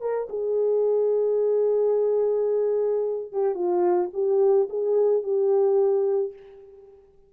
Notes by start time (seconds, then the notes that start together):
0.00 A#4
0.29 G#4
3.32 G4
3.55 F4
4.13 G4
4.69 G#4
5.23 G4